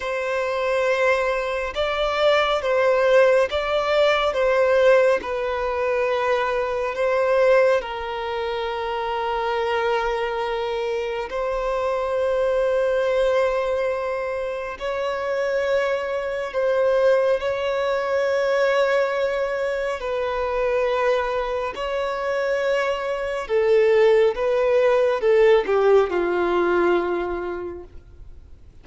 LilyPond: \new Staff \with { instrumentName = "violin" } { \time 4/4 \tempo 4 = 69 c''2 d''4 c''4 | d''4 c''4 b'2 | c''4 ais'2.~ | ais'4 c''2.~ |
c''4 cis''2 c''4 | cis''2. b'4~ | b'4 cis''2 a'4 | b'4 a'8 g'8 f'2 | }